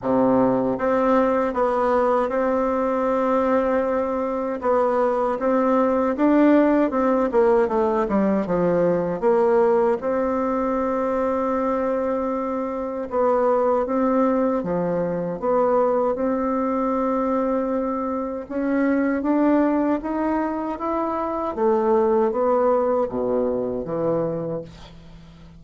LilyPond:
\new Staff \with { instrumentName = "bassoon" } { \time 4/4 \tempo 4 = 78 c4 c'4 b4 c'4~ | c'2 b4 c'4 | d'4 c'8 ais8 a8 g8 f4 | ais4 c'2.~ |
c'4 b4 c'4 f4 | b4 c'2. | cis'4 d'4 dis'4 e'4 | a4 b4 b,4 e4 | }